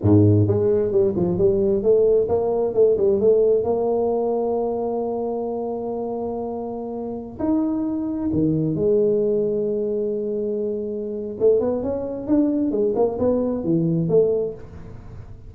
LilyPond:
\new Staff \with { instrumentName = "tuba" } { \time 4/4 \tempo 4 = 132 gis,4 gis4 g8 f8 g4 | a4 ais4 a8 g8 a4 | ais1~ | ais1~ |
ais16 dis'2 dis4 gis8.~ | gis1~ | gis4 a8 b8 cis'4 d'4 | gis8 ais8 b4 e4 a4 | }